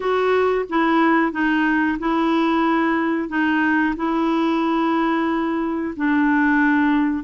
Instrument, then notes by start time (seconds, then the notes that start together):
clarinet
0.00 F#4
0.69 E4
1.32 D#4
1.99 E4
3.28 D#4
3.96 E4
5.96 D4